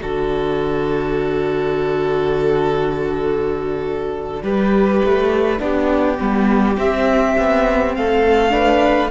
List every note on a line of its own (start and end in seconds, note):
0.00 4.42 D3
0.00 4.41 F#4
0.00 4.43 A4
0.00 6.77 D5
4.42 5.01 G3
4.42 5.58 G4
4.42 5.62 B4
5.04 5.60 A3
5.58 6.19 B3
5.58 6.17 D4
5.58 7.96 G4
6.18 6.77 G3
6.18 6.76 B3
6.77 7.36 C4
6.77 8.50 C4
6.77 7.94 E5
7.38 7.97 B3
7.94 9.11 A3
7.94 8.52 A4
7.94 9.11 F5
8.50 9.09 D4
8.50 9.11 B4